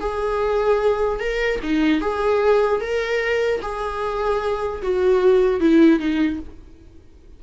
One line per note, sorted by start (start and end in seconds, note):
0.00 1.20 G#4
1.20 1.60 A#4
1.63 2.01 D#4
2.01 2.81 G#4
2.81 3.61 A#4
3.62 4.82 G#4
4.82 5.61 F#4
5.61 6.00 E4
6.00 6.40 D#4